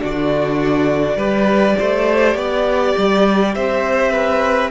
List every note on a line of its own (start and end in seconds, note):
0.00 1.16 D3
0.00 1.18 D4
0.00 1.17 F#4
0.00 3.54 D5
1.16 1.75 G3
1.16 4.71 G4
1.16 1.76 B4
1.79 2.35 A3
1.79 2.37 C5
2.35 2.94 B3
2.35 3.55 D5
2.97 3.56 G3
3.54 4.71 C4
3.54 4.12 C5
3.54 4.71 E5
4.12 4.70 B4